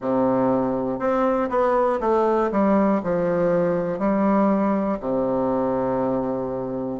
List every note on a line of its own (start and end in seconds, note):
0.00 0.99 C3
0.99 1.49 C4
1.49 1.99 B3
2.00 2.50 A3
2.51 3.01 G3
3.03 3.99 F3
3.99 4.99 G3
5.00 7.00 C3